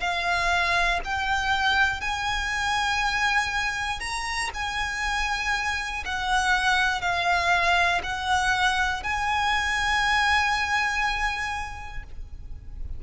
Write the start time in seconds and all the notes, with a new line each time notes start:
0.00 F5
1.05 G5
2.01 G#5
4.00 A#5
4.54 G#5
6.05 F#5
7.01 F5
8.03 F#5
9.03 G#5